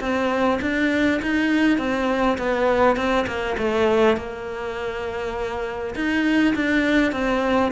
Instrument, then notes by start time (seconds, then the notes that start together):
cello
0.00 C4
0.62 D4
1.22 D#4
1.78 C4
2.38 B3
2.96 C4
3.27 A#3
3.58 A3
4.17 A#3
5.95 D#4
6.55 D4
7.12 C4